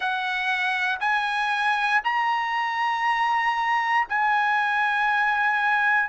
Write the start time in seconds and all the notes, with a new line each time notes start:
0.00 F#5
0.99 G#5
2.03 A#5
4.08 G#5